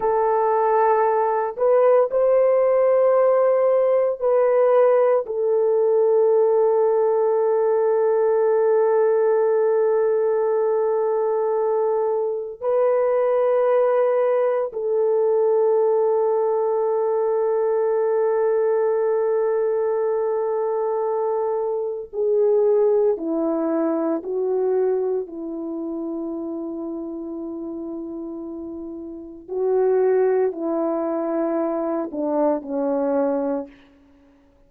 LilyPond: \new Staff \with { instrumentName = "horn" } { \time 4/4 \tempo 4 = 57 a'4. b'8 c''2 | b'4 a'2.~ | a'1 | b'2 a'2~ |
a'1~ | a'4 gis'4 e'4 fis'4 | e'1 | fis'4 e'4. d'8 cis'4 | }